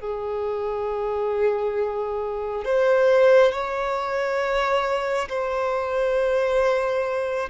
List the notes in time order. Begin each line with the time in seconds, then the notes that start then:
0.00 G#4
2.65 C5
3.52 C#5
5.28 C5